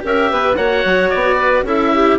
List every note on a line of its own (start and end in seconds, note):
0.00 0.32 C#4
0.00 0.54 G4
0.00 0.31 A#4
0.00 0.56 E5
0.31 0.57 B3
0.31 0.57 B4
0.56 0.84 A#3
0.56 1.65 F#4
0.56 1.37 C#5
0.56 1.10 F#5
0.84 1.11 F#3
1.10 1.62 B3
1.10 1.64 D5
1.37 1.64 B4
1.62 2.17 C#4
1.62 2.19 E4
1.62 1.92 A4
1.62 2.19 E5
1.94 2.19 G4